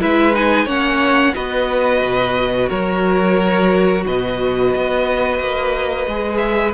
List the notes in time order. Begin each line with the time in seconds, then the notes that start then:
0.00 G#3 E4 B4 E5
0.33 D#4 G#5
0.65 A#3 C#4 C#5 F#5
1.34 B3 F#4 B4 D#5
2.02 B2
2.69 F#3 A#4 C#5
4.06 B2 B4 D#5
4.75 B3
5.39 A#3
6.07 G#3 G#4
6.37 E5